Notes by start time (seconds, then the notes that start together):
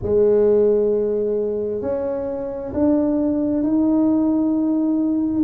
0.02 G#3
1.81 C#4
2.73 D4
3.63 D#4